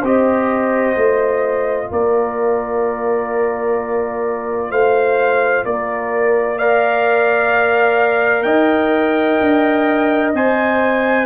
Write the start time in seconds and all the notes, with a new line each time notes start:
0.00 C4 G4 C5 D#5
0.96 A3 F4
1.92 A#3 A#4 D5
4.71 A3 C5 F5
5.65 A#3 A#4 D5
6.59 A#4 D5 F5
8.43 D#4 D#5 G5
9.41 D4
10.34 C4 C5 G#5